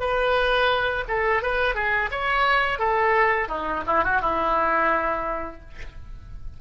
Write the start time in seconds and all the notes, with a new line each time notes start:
0.00 B4
1.08 A4
1.42 B4
1.75 G#4
2.11 C#5
2.79 A4
3.48 D#4
3.87 E4
4.04 F#4
4.21 E4